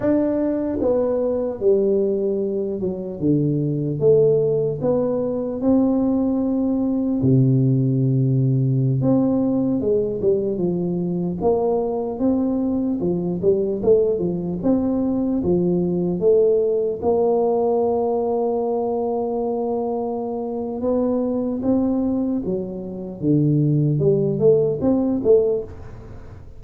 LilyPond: \new Staff \with { instrumentName = "tuba" } { \time 4/4 \tempo 4 = 75 d'4 b4 g4. fis8 | d4 a4 b4 c'4~ | c'4 c2~ c16 c'8.~ | c'16 gis8 g8 f4 ais4 c'8.~ |
c'16 f8 g8 a8 f8 c'4 f8.~ | f16 a4 ais2~ ais8.~ | ais2 b4 c'4 | fis4 d4 g8 a8 c'8 a8 | }